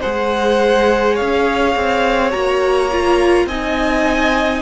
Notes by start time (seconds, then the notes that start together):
0.00 G#3 G#4 C5 F#5
1.14 C#5 F5
1.20 C#4
1.75 C4
2.31 A#3 F#4 A#5
2.91 F4
3.45 C4 D#4 D#5 G#5